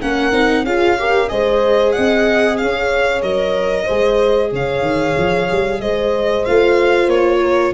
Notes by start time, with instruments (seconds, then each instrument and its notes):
0.00 tuba A#3, viola C#4, horn A#4, violin F#5
0.32 tuba C4, viola D#4
0.64 tuba C#4, viola F4, horn G#4, violin F5
0.98 viola G4, horn A#4
1.28 tuba G#3, viola G#4, horn C5, violin D#5
1.92 tuba C4, horn D#5, violin F#5
2.57 tuba C#4, horn C#5, violin F5
3.22 tuba F#3, viola A#4, violin D#5
3.84 tuba G#3, viola G#4, horn C5
4.52 tuba C#3, horn C#5, violin F5
4.81 tuba D#3
5.17 tuba F3
5.51 tuba G3
5.80 tuba G#3, horn C5, violin D#5
6.45 tuba A3, viola F4, violin F5
7.07 tuba A#3, violin C#5
7.40 horn A#4